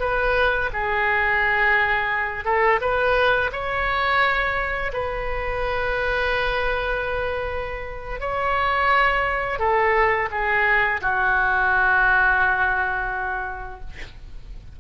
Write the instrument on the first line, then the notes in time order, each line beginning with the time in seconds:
oboe
0.00 B4
0.73 G#4
2.45 A4
2.81 B4
3.52 C#5
4.93 B4
8.20 C#5
9.59 A4
10.31 G#4
11.01 F#4